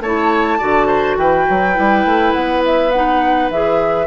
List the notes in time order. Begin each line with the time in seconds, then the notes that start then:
0.00 A3 C#5 A5
0.06 E4
0.59 D3 F#4 D5
0.87 C5
1.17 E3 B4 G5
1.50 F#3
1.74 G3 E4
2.05 A3
2.33 B3 F#5
2.66 E5
2.92 D#4 F#5
3.51 E3 G#4 E5